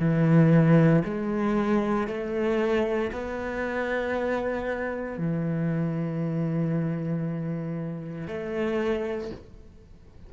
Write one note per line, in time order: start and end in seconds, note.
0.00 1.03 E3
1.05 2.08 G#3
2.08 3.11 A3
3.12 5.18 B3
5.18 8.28 E3
8.28 9.31 A3